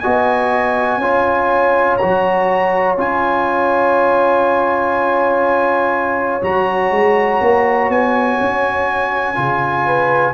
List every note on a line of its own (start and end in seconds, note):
0.00 0.98 B3
0.00 1.02 F#4
0.00 1.00 D#5
0.00 1.97 G#5
0.98 1.96 C#4
0.98 2.00 F4
0.98 9.86 C#5
1.97 2.97 F#3
1.97 2.97 F#4
1.97 2.95 A#5
2.97 6.42 C#4
2.97 6.42 F4
2.97 6.43 G#5
6.42 6.91 F#3
6.42 9.35 F#4
6.42 7.91 A#5
6.91 7.40 G#3
7.41 7.89 A#3
7.89 8.38 B3
7.89 10.34 G#5
8.40 9.38 C#4
9.35 10.34 C#3
9.35 10.34 F4
9.86 10.34 B4